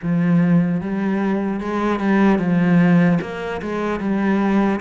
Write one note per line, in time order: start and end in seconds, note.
0.02 0.80 F3
0.80 1.60 G3
1.60 1.99 G#3
1.99 2.38 G3
2.38 3.18 F3
3.21 3.61 A#3
3.61 4.00 G#3
4.00 4.80 G3